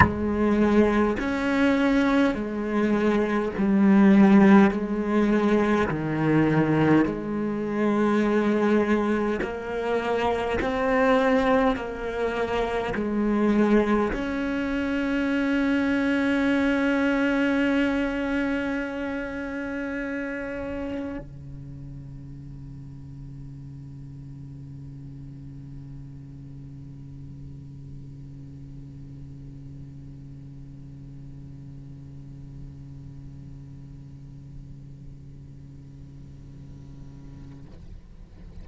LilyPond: \new Staff \with { instrumentName = "cello" } { \time 4/4 \tempo 4 = 51 gis4 cis'4 gis4 g4 | gis4 dis4 gis2 | ais4 c'4 ais4 gis4 | cis'1~ |
cis'2 cis2~ | cis1~ | cis1~ | cis1 | }